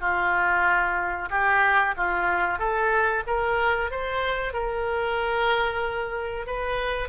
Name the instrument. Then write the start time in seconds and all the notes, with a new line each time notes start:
oboe
0.00 F4
1.30 G4
1.96 F4
2.58 A4
3.26 A#4
3.91 C5
4.53 A#4
6.46 B4